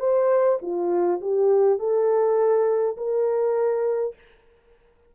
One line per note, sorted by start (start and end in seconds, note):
0.00 0.59 C5
0.62 1.21 F4
1.21 1.79 G4
1.79 2.97 A4
2.97 4.15 A#4